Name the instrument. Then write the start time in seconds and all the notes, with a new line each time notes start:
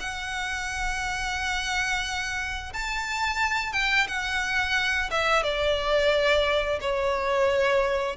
violin
0.00 F#5
2.73 A5
3.73 G5
4.08 F#5
5.11 E5
5.43 D5
6.81 C#5